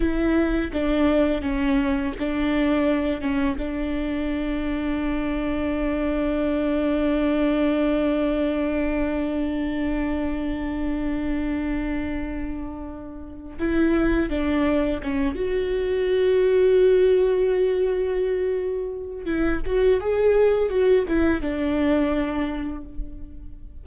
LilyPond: \new Staff \with { instrumentName = "viola" } { \time 4/4 \tempo 4 = 84 e'4 d'4 cis'4 d'4~ | d'8 cis'8 d'2.~ | d'1~ | d'1~ |
d'2. e'4 | d'4 cis'8 fis'2~ fis'8~ | fis'2. e'8 fis'8 | gis'4 fis'8 e'8 d'2 | }